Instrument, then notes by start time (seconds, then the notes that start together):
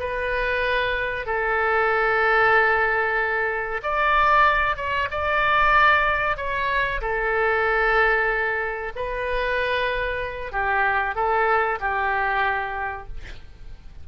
oboe
0.00 B4
1.26 A4
3.83 D5
4.77 C#5
5.11 D5
6.37 C#5
7.02 A4
8.96 B4
10.52 G4
11.16 A4
11.81 G4